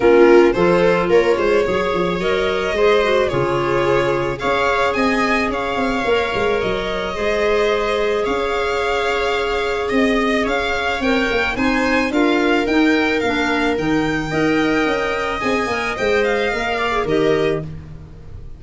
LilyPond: <<
  \new Staff \with { instrumentName = "violin" } { \time 4/4 \tempo 4 = 109 ais'4 c''4 cis''2 | dis''2 cis''2 | f''4 gis''4 f''2 | dis''2. f''4~ |
f''2 dis''4 f''4 | g''4 gis''4 f''4 g''4 | f''4 g''2. | gis''4 g''8 f''4. dis''4 | }
  \new Staff \with { instrumentName = "viola" } { \time 4/4 f'4 a'4 ais'8 c''8 cis''4~ | cis''4 c''4 gis'2 | cis''4 dis''4 cis''2~ | cis''4 c''2 cis''4~ |
cis''2 dis''4 cis''4~ | cis''4 c''4 ais'2~ | ais'2 dis''2~ | dis''2~ dis''8 d''8 ais'4 | }
  \new Staff \with { instrumentName = "clarinet" } { \time 4/4 cis'4 f'2 gis'4 | ais'4 gis'8 fis'8 f'2 | gis'2. ais'4~ | ais'4 gis'2.~ |
gis'1 | ais'4 dis'4 f'4 dis'4 | d'4 dis'4 ais'2 | gis'8 ais'8 c''4 ais'8. gis'16 g'4 | }
  \new Staff \with { instrumentName = "tuba" } { \time 4/4 ais4 f4 ais8 gis8 fis8 f8 | fis4 gis4 cis2 | cis'4 c'4 cis'8 c'8 ais8 gis8 | fis4 gis2 cis'4~ |
cis'2 c'4 cis'4 | c'8 ais8 c'4 d'4 dis'4 | ais4 dis4 dis'4 cis'4 | c'8 ais8 gis4 ais4 dis4 | }
>>